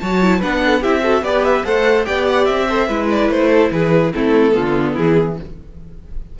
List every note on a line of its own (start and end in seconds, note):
0.00 0.43 F#3
0.00 0.22 F#4
0.00 0.39 C#5
0.00 0.41 A5
0.22 0.42 E4
0.39 0.84 B3
0.39 0.83 D4
0.39 0.60 B4
0.39 0.83 F#5
0.66 0.81 A4
0.81 1.22 C4
0.81 1.03 E4
0.81 1.02 G4
0.81 1.24 E5
1.03 1.23 F#4
1.03 1.24 A4
1.22 1.63 B3
1.22 1.65 G4
1.22 1.66 B4
1.22 1.44 D5
1.44 1.65 E5
1.65 2.07 A3
1.65 2.05 A4
1.65 2.06 C5
1.65 2.05 F#5
2.05 2.49 B3
2.05 2.67 G4
2.05 2.68 D5
2.05 2.26 G5
2.28 2.45 F#5
2.45 2.89 C4
2.45 3.07 E5
2.68 2.89 A4
2.68 2.89 C5
2.89 3.30 G#3
2.89 4.13 E4
2.89 3.50 B4
3.10 3.31 D5
3.30 3.71 A3
3.30 3.72 C5
3.50 3.70 A4
3.71 4.13 E3
3.71 4.14 G#4
3.71 4.13 B4
4.14 4.56 A3
4.14 4.51 C4
4.14 4.55 E4
4.14 4.97 A4
4.51 4.97 D3
4.51 5.34 B3
4.51 4.94 F4
4.94 5.40 E3
4.94 5.35 E4
4.94 5.38 G#4